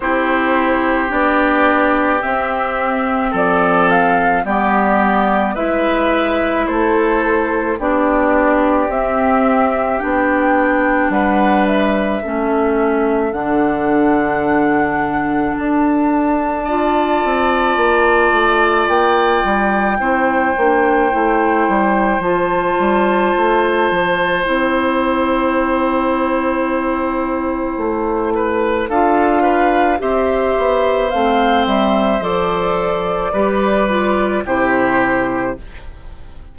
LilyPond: <<
  \new Staff \with { instrumentName = "flute" } { \time 4/4 \tempo 4 = 54 c''4 d''4 e''4 d''8 f''8 | d''4 e''4 c''4 d''4 | e''4 g''4 fis''8 e''4. | fis''2 a''2~ |
a''4 g''2. | a''2 g''2~ | g''2 f''4 e''4 | f''8 e''8 d''2 c''4 | }
  \new Staff \with { instrumentName = "oboe" } { \time 4/4 g'2. a'4 | g'4 b'4 a'4 g'4~ | g'2 b'4 a'4~ | a'2. d''4~ |
d''2 c''2~ | c''1~ | c''4. b'8 a'8 b'8 c''4~ | c''2 b'4 g'4 | }
  \new Staff \with { instrumentName = "clarinet" } { \time 4/4 e'4 d'4 c'2 | b4 e'2 d'4 | c'4 d'2 cis'4 | d'2. f'4~ |
f'2 e'8 d'8 e'4 | f'2 e'2~ | e'2 f'4 g'4 | c'4 a'4 g'8 f'8 e'4 | }
  \new Staff \with { instrumentName = "bassoon" } { \time 4/4 c'4 b4 c'4 f4 | g4 gis4 a4 b4 | c'4 b4 g4 a4 | d2 d'4. c'8 |
ais8 a8 ais8 g8 c'8 ais8 a8 g8 | f8 g8 a8 f8 c'2~ | c'4 a4 d'4 c'8 b8 | a8 g8 f4 g4 c4 | }
>>